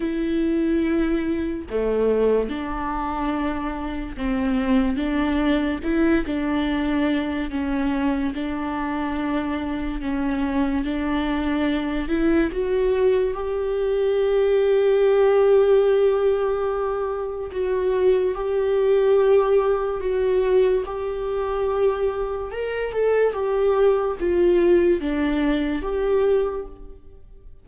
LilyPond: \new Staff \with { instrumentName = "viola" } { \time 4/4 \tempo 4 = 72 e'2 a4 d'4~ | d'4 c'4 d'4 e'8 d'8~ | d'4 cis'4 d'2 | cis'4 d'4. e'8 fis'4 |
g'1~ | g'4 fis'4 g'2 | fis'4 g'2 ais'8 a'8 | g'4 f'4 d'4 g'4 | }